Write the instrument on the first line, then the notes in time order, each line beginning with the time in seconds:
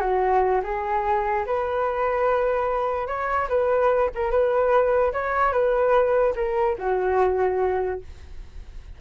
flute
0.00 F#4
0.63 G#4
1.46 B4
3.07 C#5
3.49 B4
4.15 A#4
4.31 B4
5.13 C#5
5.52 B4
6.35 A#4
6.78 F#4